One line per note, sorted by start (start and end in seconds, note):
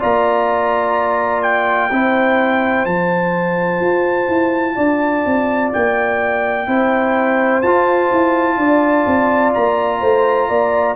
0.00 1.90 A#3
0.00 1.90 F4
0.00 1.91 D5
0.00 1.43 A#5
1.43 2.86 G5
1.90 2.86 C4
1.90 2.87 E4
1.90 4.76 C5
2.86 3.81 F3
2.86 6.67 F4
2.86 5.71 A5
3.81 4.28 F4
4.28 4.76 E4
4.76 5.25 D4
4.76 6.66 D5
5.26 5.73 C4
5.73 6.67 A#3
5.73 7.62 G5
6.67 7.62 C4
6.67 7.62 E4
6.67 8.58 C5
7.62 8.10 F4
7.62 10.96 F4
7.62 9.53 A5
8.12 8.57 E4
8.57 9.05 D4
8.57 10.01 D5
9.07 9.54 C4
9.54 10.02 A#3
9.54 10.96 A#5
10.01 10.49 A3
10.01 10.48 C5
10.49 10.96 A#3
10.49 10.96 D5